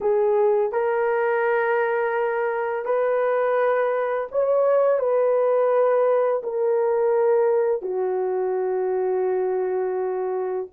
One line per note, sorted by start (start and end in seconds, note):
0.01 0.71 G#4
0.71 2.85 A#4
2.85 4.28 B4
4.31 4.99 C#5
4.99 6.42 B4
6.43 7.81 A#4
7.81 10.67 F#4